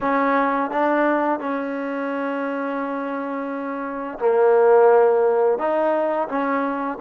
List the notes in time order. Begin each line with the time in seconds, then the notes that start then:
0.01 C#4
0.70 D4
1.39 C#4
4.19 A#3
5.58 D#4
6.28 C#4